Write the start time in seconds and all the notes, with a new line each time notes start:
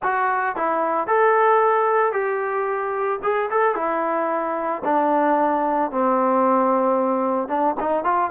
0.02 F#4
0.56 E4
1.07 A4
2.12 G4
3.22 G#4
3.51 A4
3.75 E4
4.84 D4
5.91 C4
7.48 D4
7.80 D#4
8.04 F4